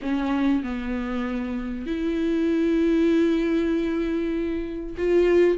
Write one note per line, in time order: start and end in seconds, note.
0.02 0.63 C#4
0.63 1.86 B3
1.86 4.95 E4
4.97 5.57 F4